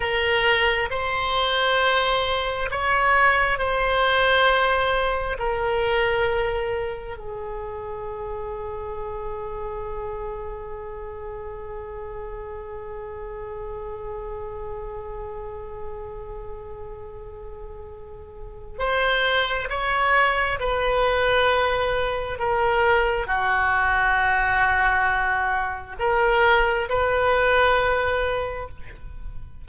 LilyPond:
\new Staff \with { instrumentName = "oboe" } { \time 4/4 \tempo 4 = 67 ais'4 c''2 cis''4 | c''2 ais'2 | gis'1~ | gis'1~ |
gis'1~ | gis'4 c''4 cis''4 b'4~ | b'4 ais'4 fis'2~ | fis'4 ais'4 b'2 | }